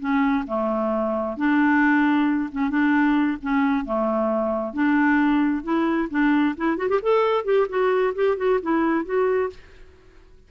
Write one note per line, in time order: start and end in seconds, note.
0.00 0.45 C#4
0.47 1.37 A3
1.37 2.50 D4
2.52 2.70 C#4
2.70 3.38 D4
3.43 3.86 C#4
3.86 4.74 A3
4.74 5.64 D4
5.64 6.09 E4
6.11 6.56 D4
6.57 6.78 E4
6.78 6.89 F#4
6.89 7.01 G4
7.03 7.45 A4
7.45 7.68 G4
7.69 8.14 F#4
8.15 8.37 G4
8.37 8.60 F#4
8.63 9.05 E4
9.05 9.50 F#4